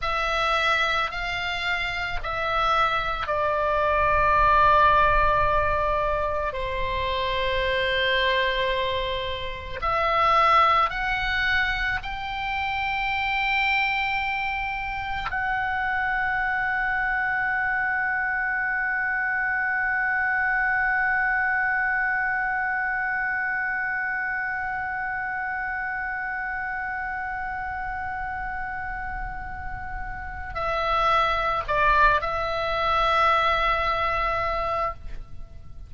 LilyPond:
\new Staff \with { instrumentName = "oboe" } { \time 4/4 \tempo 4 = 55 e''4 f''4 e''4 d''4~ | d''2 c''2~ | c''4 e''4 fis''4 g''4~ | g''2 fis''2~ |
fis''1~ | fis''1~ | fis''1 | e''4 d''8 e''2~ e''8 | }